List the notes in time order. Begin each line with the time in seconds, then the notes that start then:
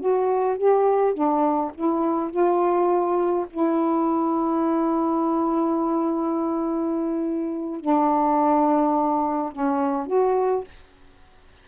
0.00 F#4
0.57 G4
1.14 D4
1.75 E4
2.31 F4
3.50 E4
7.80 D4
9.52 C#4
10.07 F#4